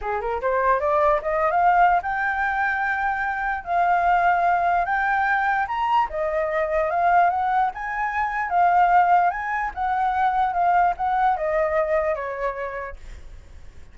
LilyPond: \new Staff \with { instrumentName = "flute" } { \time 4/4 \tempo 4 = 148 gis'8 ais'8 c''4 d''4 dis''8. f''16~ | f''4 g''2.~ | g''4 f''2. | g''2 ais''4 dis''4~ |
dis''4 f''4 fis''4 gis''4~ | gis''4 f''2 gis''4 | fis''2 f''4 fis''4 | dis''2 cis''2 | }